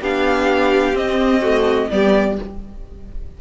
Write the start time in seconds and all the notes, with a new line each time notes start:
0.00 B3 D4 G4 F5
0.93 C4 D#5
1.40 A3 F#4
1.90 G3 B3 G4 D5